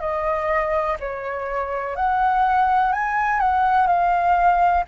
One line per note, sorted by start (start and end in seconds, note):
0.00 0.97 D#5
0.99 1.96 C#5
1.96 2.92 F#5
2.92 3.40 G#5
3.40 3.87 F#5
3.87 4.83 F5